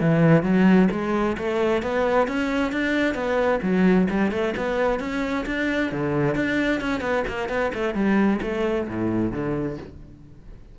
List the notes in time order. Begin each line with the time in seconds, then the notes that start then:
0.00 E3
0.43 F#3
0.91 G#3
1.37 A3
1.82 B3
2.27 C#4
2.72 D4
3.14 B3
3.62 F#3
4.10 G3
4.31 A3
4.56 B3
4.99 C#4
5.46 D4
5.92 D3
6.35 D4
6.80 C#4
7.01 B3
7.27 A#3
7.48 B3
7.74 A3
7.94 G3
8.42 A3
8.88 A2
9.32 D3